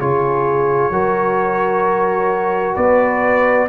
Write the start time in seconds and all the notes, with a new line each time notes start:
0.00 C#3 F4 G#4 C#5
0.91 F#3 F#4 A#4
2.75 B3 B4 D5